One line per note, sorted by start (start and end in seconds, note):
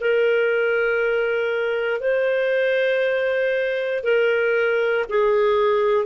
0.00 2.00 A#4
2.00 4.03 C5
4.03 5.05 A#4
5.09 6.06 G#4